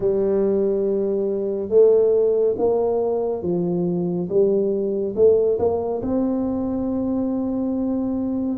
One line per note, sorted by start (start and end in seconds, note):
0.00 1.69 G3
1.69 2.55 A3
2.58 3.42 A#3
3.42 4.28 F3
4.29 5.14 G3
5.15 5.58 A3
5.58 6.01 A#3
6.02 8.58 C4